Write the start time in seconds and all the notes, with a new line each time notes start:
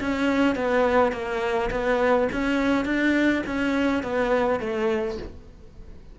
0.00 C#4
0.55 B3
1.12 A#3
1.70 B3
2.32 C#4
2.85 D4
3.46 C#4
4.03 B3
4.59 A3